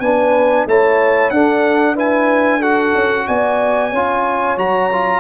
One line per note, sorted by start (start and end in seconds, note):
0.00 0.65 B3
0.00 0.68 D4
0.00 0.68 B4
0.00 0.66 G#5
0.66 1.31 A3
0.66 1.33 E4
0.66 1.34 C#5
0.66 1.30 A5
1.30 2.94 D4
1.30 1.96 D4
1.30 1.95 A4
1.30 1.96 F#5
1.95 2.61 E4
1.95 2.60 B4
1.95 2.62 G#5
2.60 3.92 F#4
2.60 3.25 A4
2.60 3.28 F#5
2.95 3.27 C#4
3.28 3.93 B3
3.28 3.90 D5
3.28 4.58 G#5
3.90 4.58 C#4
3.90 4.58 F4
3.90 5.21 C#5
4.58 5.21 F#3
4.58 4.90 F#4
4.58 5.21 A#5
4.92 5.21 F4